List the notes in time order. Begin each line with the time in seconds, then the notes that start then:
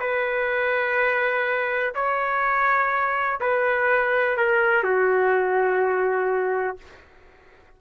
0.00 B4
1.95 C#5
3.40 B4
4.37 A#4
4.83 F#4